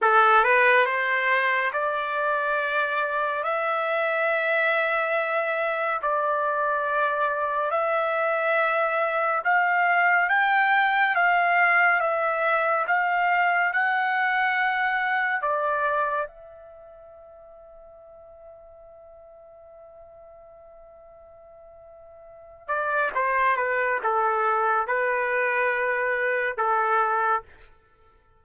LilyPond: \new Staff \with { instrumentName = "trumpet" } { \time 4/4 \tempo 4 = 70 a'8 b'8 c''4 d''2 | e''2. d''4~ | d''4 e''2 f''4 | g''4 f''4 e''4 f''4 |
fis''2 d''4 e''4~ | e''1~ | e''2~ e''8 d''8 c''8 b'8 | a'4 b'2 a'4 | }